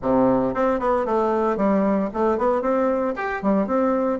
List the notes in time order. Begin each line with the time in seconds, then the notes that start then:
0.02 C3
0.54 C4
0.79 B3
1.05 A3
1.56 G3
2.13 A3
2.38 B3
2.61 C4
3.16 G4
3.42 G3
3.67 C4